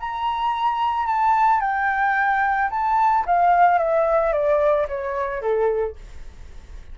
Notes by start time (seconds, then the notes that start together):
0.00 A#5
1.06 A5
1.61 G5
2.70 A5
3.26 F5
3.78 E5
4.33 D5
4.88 C#5
5.41 A4